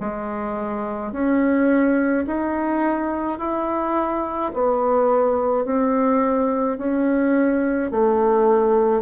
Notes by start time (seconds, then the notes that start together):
0.00 G#3
1.12 C#4
2.26 D#4
3.39 E4
4.53 B3
5.65 C4
6.78 C#4
7.91 A3